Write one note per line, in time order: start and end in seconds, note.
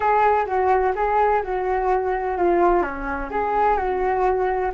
0.00 0.45 G#4
0.46 0.93 F#4
0.95 1.42 G#4
1.43 2.37 F#4
2.37 2.82 F4
2.82 3.29 C#4
3.30 3.77 G#4
3.77 4.71 F#4